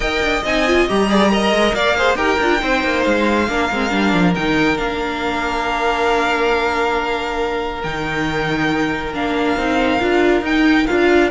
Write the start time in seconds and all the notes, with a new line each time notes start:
0.00 D#4 A#4 D#5 G5
0.21 D4
0.43 C4 D#4 G#5
0.67 F4
0.88 G3 G4 A#5
1.09 G#4 D5
1.30 A#4 D#5
1.50 G#3
1.74 A#3 D5 F5
1.97 G#4 C5
2.15 D#4 G4 A#4 G5
2.40 D4 F4
2.58 C4 D#4 C5
2.84 A#3
3.03 G#3 F5
3.48 A#3 D4 A#4
3.70 G#3 C4
3.89 G3 D4
4.13 F3
4.35 D#3 D#4 G5
4.76 A#3 D4 F5
7.83 D#3 D#4 G5
9.12 A#3 D4 F5
9.56 C4 D#4
9.99 D4 F4
10.41 D#4 G5
10.87 D4 F4 F5